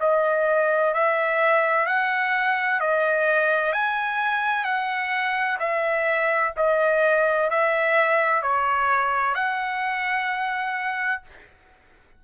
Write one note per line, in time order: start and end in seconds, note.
0.00 0.94 D#5
0.94 1.86 E5
1.86 2.80 F#5
2.80 3.72 D#5
3.72 4.64 G#5
4.64 5.58 F#5
5.60 6.53 E5
6.56 7.50 D#5
7.50 8.42 E5
8.42 9.35 C#5
9.35 11.22 F#5